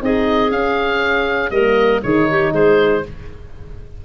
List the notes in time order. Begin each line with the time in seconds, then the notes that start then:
0.00 C4 D#4 G#4 D#5
0.51 C#4 F5
1.51 G3 A#3 A#4 D#5
2.03 D#3 D#4 G#4 C#5
2.30 G4
2.52 G#3 G#4 C5